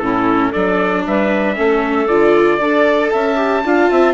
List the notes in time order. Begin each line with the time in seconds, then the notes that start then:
0.00 A2 C#4 E4 A4
0.51 F#3 D4 A4 D5
1.07 G3 B4 E5
1.56 A3 C#4 A4
2.08 D3 F4 D5
2.58 D4 A4 D5
3.11 C#4 E5 A5
3.36 G4
3.65 D4 F4 F5
3.91 C4 E5